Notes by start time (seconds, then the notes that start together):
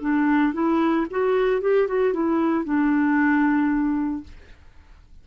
0.00 D4
0.53 E4
1.10 F#4
1.61 G4
1.87 F#4
2.13 E4
2.64 D4